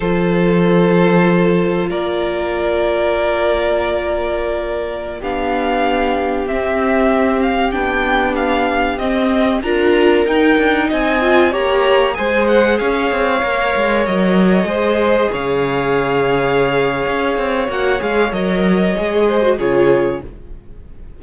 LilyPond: <<
  \new Staff \with { instrumentName = "violin" } { \time 4/4 \tempo 4 = 95 c''2. d''4~ | d''1~ | d''16 f''2 e''4. f''16~ | f''16 g''4 f''4 dis''4 ais''8.~ |
ais''16 g''4 gis''4 ais''4 gis''8 fis''16~ | fis''16 f''2 dis''4.~ dis''16~ | dis''16 f''2.~ f''8. | fis''8 f''8 dis''2 cis''4 | }
  \new Staff \with { instrumentName = "violin" } { \time 4/4 a'2. ais'4~ | ais'1~ | ais'16 g'2.~ g'8.~ | g'2.~ g'16 ais'8.~ |
ais'4~ ais'16 dis''4 cis''4 c''8.~ | c''16 cis''2. c''8.~ | c''16 cis''2.~ cis''8.~ | cis''2~ cis''8 c''8 gis'4 | }
  \new Staff \with { instrumentName = "viola" } { \time 4/4 f'1~ | f'1~ | f'16 d'2 c'4.~ c'16~ | c'16 d'2 c'4 f'8.~ |
f'16 dis'4. f'8 g'4 gis'8.~ | gis'4~ gis'16 ais'2 gis'8.~ | gis'1 | fis'8 gis'8 ais'4 gis'8. fis'16 f'4 | }
  \new Staff \with { instrumentName = "cello" } { \time 4/4 f2. ais4~ | ais1~ | ais16 b2 c'4.~ c'16~ | c'16 b2 c'4 d'8.~ |
d'16 dis'8 d'8 c'4 ais4 gis8.~ | gis16 cis'8 c'8 ais8 gis8 fis4 gis8.~ | gis16 cis2~ cis8. cis'8 c'8 | ais8 gis8 fis4 gis4 cis4 | }
>>